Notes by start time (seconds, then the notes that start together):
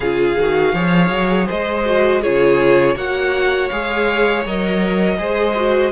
0.00 C#3 F4 G#4 F5
0.38 D#3 F#4
0.73 F3 G#4 C#5
1.10 F#3
1.47 G#3 C5 D#5
1.85 F#4
2.21 C#3 F4 G#4 C#5
2.95 A#3 F#4 C#5 F#5
3.68 G#3 G#4 F5
4.45 F#3 A#4 D#5
5.17 G#3 G#4 C5
5.56 F#4